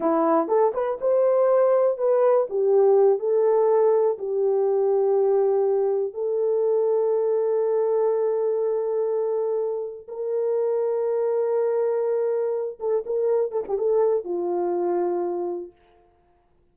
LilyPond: \new Staff \with { instrumentName = "horn" } { \time 4/4 \tempo 4 = 122 e'4 a'8 b'8 c''2 | b'4 g'4. a'4.~ | a'8 g'2.~ g'8~ | g'8 a'2.~ a'8~ |
a'1~ | a'8 ais'2.~ ais'8~ | ais'2 a'8 ais'4 a'16 g'16 | a'4 f'2. | }